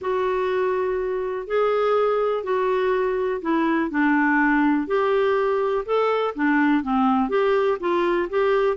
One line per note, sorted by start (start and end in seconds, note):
0.01 1.47 F#4
1.47 2.43 G#4
2.43 3.41 F#4
3.41 3.90 E4
3.90 4.87 D4
4.87 5.84 G4
5.85 6.34 A4
6.35 6.83 D4
6.83 7.29 C4
7.29 7.78 G4
7.80 8.28 F4
8.29 8.76 G4